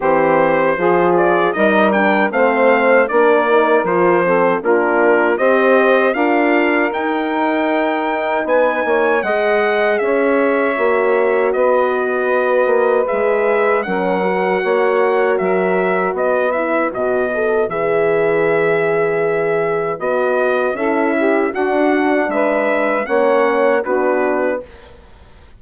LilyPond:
<<
  \new Staff \with { instrumentName = "trumpet" } { \time 4/4 \tempo 4 = 78 c''4. d''8 dis''8 g''8 f''4 | d''4 c''4 ais'4 dis''4 | f''4 g''2 gis''4 | fis''4 e''2 dis''4~ |
dis''4 e''4 fis''2 | e''4 dis''8 e''8 dis''4 e''4~ | e''2 dis''4 e''4 | fis''4 e''4 fis''4 b'4 | }
  \new Staff \with { instrumentName = "saxophone" } { \time 4/4 g'4 gis'4 ais'4 c''4 | ais'4. a'8 f'4 c''4 | ais'2. b'8 cis''8 | dis''4 cis''2 b'4~ |
b'2 ais'4 cis''4 | ais'4 b'2.~ | b'2. a'8 g'8 | fis'4 b'4 cis''4 fis'4 | }
  \new Staff \with { instrumentName = "horn" } { \time 4/4 c'4 f'4 dis'8 d'8 c'4 | d'8 dis'8 f'8 c'8 d'4 g'4 | f'4 dis'2. | gis'2 fis'2~ |
fis'4 gis'4 cis'8 fis'4.~ | fis'4. e'8 fis'8 a'8 gis'4~ | gis'2 fis'4 e'4 | d'2 cis'4 d'4 | }
  \new Staff \with { instrumentName = "bassoon" } { \time 4/4 e4 f4 g4 a4 | ais4 f4 ais4 c'4 | d'4 dis'2 b8 ais8 | gis4 cis'4 ais4 b4~ |
b8 ais8 gis4 fis4 ais4 | fis4 b4 b,4 e4~ | e2 b4 cis'4 | d'4 gis4 ais4 b4 | }
>>